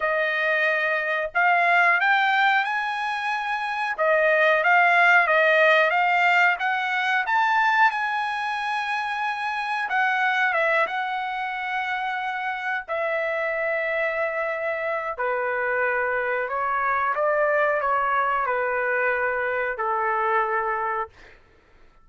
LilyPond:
\new Staff \with { instrumentName = "trumpet" } { \time 4/4 \tempo 4 = 91 dis''2 f''4 g''4 | gis''2 dis''4 f''4 | dis''4 f''4 fis''4 a''4 | gis''2. fis''4 |
e''8 fis''2. e''8~ | e''2. b'4~ | b'4 cis''4 d''4 cis''4 | b'2 a'2 | }